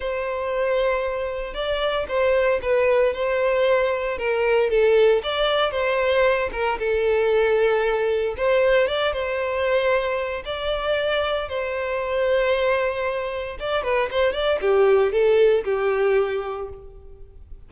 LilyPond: \new Staff \with { instrumentName = "violin" } { \time 4/4 \tempo 4 = 115 c''2. d''4 | c''4 b'4 c''2 | ais'4 a'4 d''4 c''4~ | c''8 ais'8 a'2. |
c''4 d''8 c''2~ c''8 | d''2 c''2~ | c''2 d''8 b'8 c''8 d''8 | g'4 a'4 g'2 | }